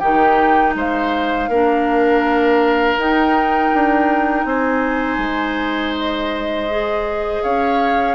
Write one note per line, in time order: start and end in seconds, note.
0.00 0.75 D#3
0.00 1.50 D#4
0.00 0.74 G4
0.00 0.74 G5
0.75 1.49 G#3
0.75 1.50 C5
0.75 3.00 F5
1.49 2.97 A#3
1.49 2.99 D4
1.49 4.46 A#4
2.98 3.72 D#4
2.98 6.69 D#4
2.98 4.46 G5
3.74 4.45 D4
4.45 5.18 C4
4.45 7.43 C5
4.45 5.94 G#5
5.18 7.40 G#3
5.98 7.43 D#5
6.70 8.16 G#4
7.43 8.16 C#4
7.43 8.16 C#5
7.43 8.16 F5